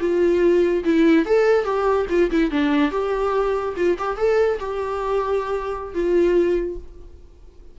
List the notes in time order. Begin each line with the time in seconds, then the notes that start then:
0.00 F4
0.84 E4
1.25 A4
1.64 G4
2.09 F4
2.31 E4
2.51 D4
2.91 G4
3.76 F4
3.98 G4
4.17 A4
4.59 G4
5.94 F4